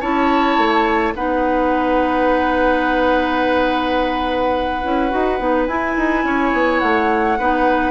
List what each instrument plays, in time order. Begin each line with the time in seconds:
0.00 bassoon C#4, clarinet E4, oboe C#5, flute A5
0.57 bassoon A3
1.14 bassoon B3, clarinet D#4, oboe B4, flute F#5
4.83 bassoon C#4, clarinet E4
5.10 bassoon D#4, clarinet F#4
5.38 bassoon B3, clarinet D#4
5.67 bassoon E4, clarinet E4, flute G#5
5.96 bassoon D#4
6.23 bassoon C#4, oboe C#5
6.52 bassoon B3
6.79 bassoon A3, flute F#5
7.38 bassoon B3, clarinet D#4, oboe B4